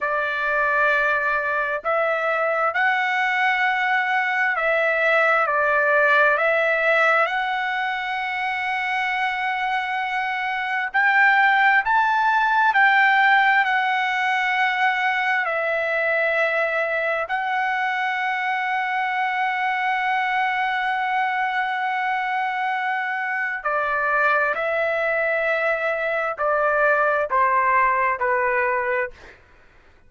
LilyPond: \new Staff \with { instrumentName = "trumpet" } { \time 4/4 \tempo 4 = 66 d''2 e''4 fis''4~ | fis''4 e''4 d''4 e''4 | fis''1 | g''4 a''4 g''4 fis''4~ |
fis''4 e''2 fis''4~ | fis''1~ | fis''2 d''4 e''4~ | e''4 d''4 c''4 b'4 | }